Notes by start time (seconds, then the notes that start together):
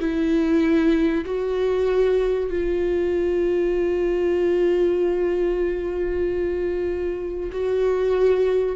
0.00 E4
1.25 F#4
2.51 F4
7.52 F#4